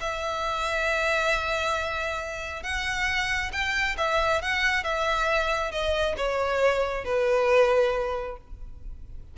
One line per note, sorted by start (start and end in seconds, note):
0.00 2.63 E5
2.63 3.51 F#5
3.52 3.96 G5
3.97 4.42 E5
4.42 4.83 F#5
4.83 5.71 E5
5.71 6.15 D#5
6.17 7.04 C#5
7.04 8.37 B4